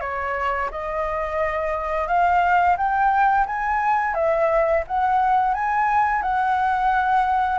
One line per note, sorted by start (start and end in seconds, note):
0.00 0.69 C#5
0.71 2.07 D#5
2.07 2.76 F5
2.77 3.46 G5
3.46 4.14 G#5
4.14 4.83 E5
4.87 5.54 F#5
5.54 6.22 G#5
6.22 7.58 F#5